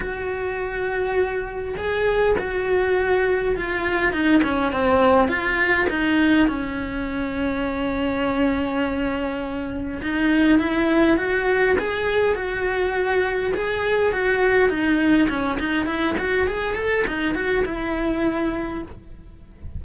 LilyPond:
\new Staff \with { instrumentName = "cello" } { \time 4/4 \tempo 4 = 102 fis'2. gis'4 | fis'2 f'4 dis'8 cis'8 | c'4 f'4 dis'4 cis'4~ | cis'1~ |
cis'4 dis'4 e'4 fis'4 | gis'4 fis'2 gis'4 | fis'4 dis'4 cis'8 dis'8 e'8 fis'8 | gis'8 a'8 dis'8 fis'8 e'2 | }